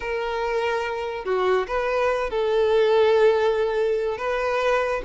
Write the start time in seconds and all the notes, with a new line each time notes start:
0.00 A#4
1.24 F#4
1.67 B4
2.30 A4
4.17 B4